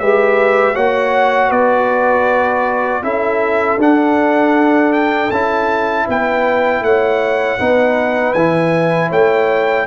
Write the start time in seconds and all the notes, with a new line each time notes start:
0.00 G#3 G4 B4 E5
0.75 A#3 F#4 C#5 F#5
1.50 B3 B4 D5
3.03 C#4 E4 A4 E5
3.77 D4 F#5
4.93 G5
5.31 C#4 E4 A5
6.07 B3 B4 G5
6.81 A3 C#5 F#5
7.59 B3 D#4 B4
8.34 E3 E4 G#5
9.09 A3 C#5 G5